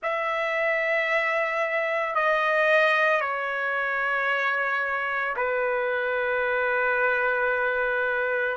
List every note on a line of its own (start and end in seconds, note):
0.02 2.15 E5
2.15 3.20 D#5
3.20 5.35 C#5
5.36 8.56 B4